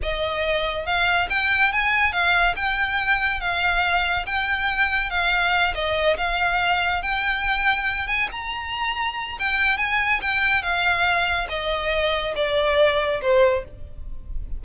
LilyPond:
\new Staff \with { instrumentName = "violin" } { \time 4/4 \tempo 4 = 141 dis''2 f''4 g''4 | gis''4 f''4 g''2 | f''2 g''2 | f''4. dis''4 f''4.~ |
f''8 g''2~ g''8 gis''8 ais''8~ | ais''2 g''4 gis''4 | g''4 f''2 dis''4~ | dis''4 d''2 c''4 | }